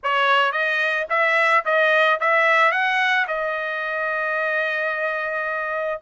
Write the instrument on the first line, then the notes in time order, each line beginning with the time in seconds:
trumpet
0.03 C#5
0.52 D#5
1.09 E5
1.65 D#5
2.20 E5
2.71 F#5
3.27 D#5